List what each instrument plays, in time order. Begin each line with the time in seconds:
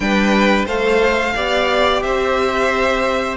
0.00 cello G3, viola D4, violin B4 G5
0.66 cello A3, viola A4, violin C5 F5
1.35 cello B3, viola G4, violin D5
2.01 cello C4, violin C5 E5